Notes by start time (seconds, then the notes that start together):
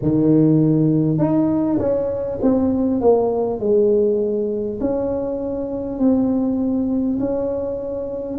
0.02 D#3
1.18 D#4
1.78 C#4
2.41 C4
3.00 A#3
3.59 G#3
4.80 C#4
5.98 C4
7.19 C#4